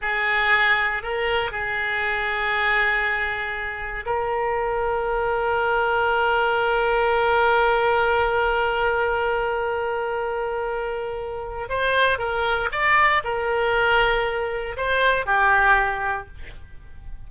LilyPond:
\new Staff \with { instrumentName = "oboe" } { \time 4/4 \tempo 4 = 118 gis'2 ais'4 gis'4~ | gis'1 | ais'1~ | ais'1~ |
ais'1~ | ais'2. c''4 | ais'4 d''4 ais'2~ | ais'4 c''4 g'2 | }